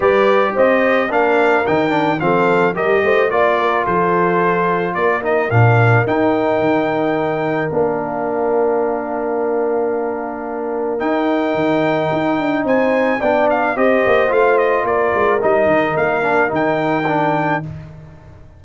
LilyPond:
<<
  \new Staff \with { instrumentName = "trumpet" } { \time 4/4 \tempo 4 = 109 d''4 dis''4 f''4 g''4 | f''4 dis''4 d''4 c''4~ | c''4 d''8 dis''8 f''4 g''4~ | g''2 f''2~ |
f''1 | g''2. gis''4 | g''8 f''8 dis''4 f''8 dis''8 d''4 | dis''4 f''4 g''2 | }
  \new Staff \with { instrumentName = "horn" } { \time 4/4 b'4 c''4 ais'2 | a'4 ais'8 c''8 d''8 ais'8 a'4~ | a'4 ais'2.~ | ais'1~ |
ais'1~ | ais'2. c''4 | d''4 c''2 ais'4~ | ais'1 | }
  \new Staff \with { instrumentName = "trombone" } { \time 4/4 g'2 d'4 dis'8 d'8 | c'4 g'4 f'2~ | f'4. dis'8 d'4 dis'4~ | dis'2 d'2~ |
d'1 | dis'1 | d'4 g'4 f'2 | dis'4. d'8 dis'4 d'4 | }
  \new Staff \with { instrumentName = "tuba" } { \time 4/4 g4 c'4 ais4 dis4 | f4 g8 a8 ais4 f4~ | f4 ais4 ais,4 dis'4 | dis2 ais2~ |
ais1 | dis'4 dis4 dis'8 d'8 c'4 | b4 c'8 ais8 a4 ais8 gis8 | g8 dis8 ais4 dis2 | }
>>